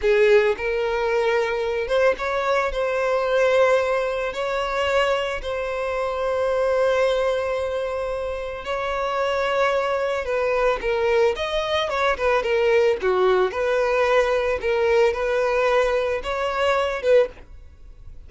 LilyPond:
\new Staff \with { instrumentName = "violin" } { \time 4/4 \tempo 4 = 111 gis'4 ais'2~ ais'8 c''8 | cis''4 c''2. | cis''2 c''2~ | c''1 |
cis''2. b'4 | ais'4 dis''4 cis''8 b'8 ais'4 | fis'4 b'2 ais'4 | b'2 cis''4. b'8 | }